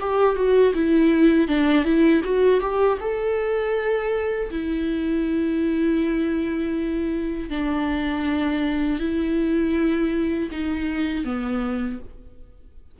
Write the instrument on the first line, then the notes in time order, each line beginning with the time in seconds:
viola
0.00 G4
0.35 F#4
0.74 E4
1.47 D4
1.84 E4
2.24 F#4
2.60 G4
3.00 A4
4.50 E4
7.49 D4
8.99 E4
10.51 D#4
11.24 B3